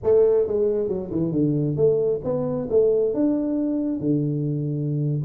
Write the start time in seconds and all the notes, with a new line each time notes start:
0.03 A3
0.47 G#3
0.88 F#3
1.11 E3
1.31 D3
1.76 A3
2.23 B3
2.69 A3
3.14 D4
4.00 D3